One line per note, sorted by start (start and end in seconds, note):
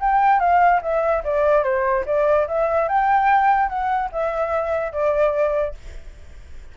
0.00 0.39 G5
0.39 0.81 F5
0.82 1.23 E5
1.24 1.63 D5
1.63 2.05 C5
2.06 2.47 D5
2.47 2.88 E5
2.88 3.69 G5
3.69 4.10 F#5
4.12 4.92 E5
4.92 5.74 D5